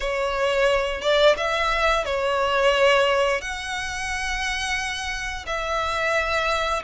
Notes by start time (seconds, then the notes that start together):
0.00 C#5
1.01 D5
1.37 E5
2.05 C#5
3.41 F#5
5.46 E5